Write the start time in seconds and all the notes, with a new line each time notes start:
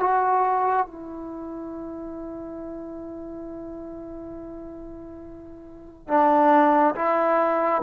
0.00 F#4
0.87 E4
6.08 D4
6.95 E4